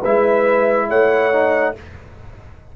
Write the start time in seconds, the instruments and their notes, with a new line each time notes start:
0.00 tuba G#3, trombone E4, horn B4, trumpet E5
0.89 tuba A3, horn C#5, trumpet F#5
1.32 trombone D#4